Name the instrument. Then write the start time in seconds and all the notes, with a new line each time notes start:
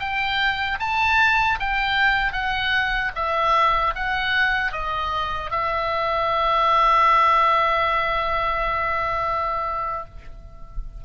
oboe
0.00 G5
0.80 A5
1.60 G5
2.33 F#5
3.15 E5
3.96 F#5
4.72 D#5
5.51 E5